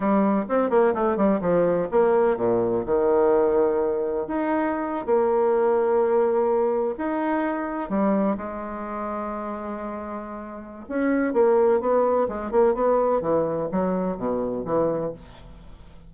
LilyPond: \new Staff \with { instrumentName = "bassoon" } { \time 4/4 \tempo 4 = 127 g4 c'8 ais8 a8 g8 f4 | ais4 ais,4 dis2~ | dis4 dis'4.~ dis'16 ais4~ ais16~ | ais2~ ais8. dis'4~ dis'16~ |
dis'8. g4 gis2~ gis16~ | gis2. cis'4 | ais4 b4 gis8 ais8 b4 | e4 fis4 b,4 e4 | }